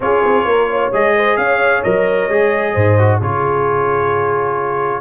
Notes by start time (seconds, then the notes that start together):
0.00 C#4 F4 G#4 C#5
0.24 C4
0.44 A#3 A#4
0.70 C#5
0.93 G#3 G#4 D#5
1.15 C5
1.36 C#4 C#5 F5
1.83 F#3 A#4 D#5
2.28 G#3 G#4
2.72 G#2 C5
2.98 F#4
3.19 C#3 F4 G#4 C#5